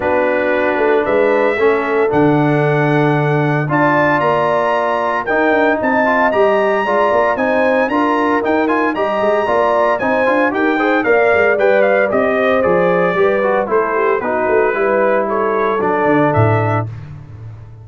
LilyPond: <<
  \new Staff \with { instrumentName = "trumpet" } { \time 4/4 \tempo 4 = 114 b'2 e''2 | fis''2. a''4 | ais''2 g''4 a''4 | ais''2 gis''4 ais''4 |
g''8 gis''8 ais''2 gis''4 | g''4 f''4 g''8 f''8 dis''4 | d''2 c''4 b'4~ | b'4 cis''4 d''4 e''4 | }
  \new Staff \with { instrumentName = "horn" } { \time 4/4 fis'2 b'4 a'4~ | a'2. d''4~ | d''2 ais'4 dis''4~ | dis''4 d''4 c''4 ais'4~ |
ais'4 dis''4 d''4 c''4 | ais'8 c''8 d''2~ d''8 c''8~ | c''4 b'4 a'8 g'8 fis'4 | b'4 a'2. | }
  \new Staff \with { instrumentName = "trombone" } { \time 4/4 d'2. cis'4 | d'2. f'4~ | f'2 dis'4. f'8 | g'4 f'4 dis'4 f'4 |
dis'8 f'8 g'4 f'4 dis'8 f'8 | g'8 gis'8 ais'4 b'4 g'4 | gis'4 g'8 fis'8 e'4 dis'4 | e'2 d'2 | }
  \new Staff \with { instrumentName = "tuba" } { \time 4/4 b4. a8 gis4 a4 | d2. d'4 | ais2 dis'8 d'8 c'4 | g4 gis8 ais8 c'4 d'4 |
dis'4 g8 gis8 ais4 c'8 d'8 | dis'4 ais8 gis8 g4 c'4 | f4 g4 a4 b8 a8 | g2 fis8 d8 a,4 | }
>>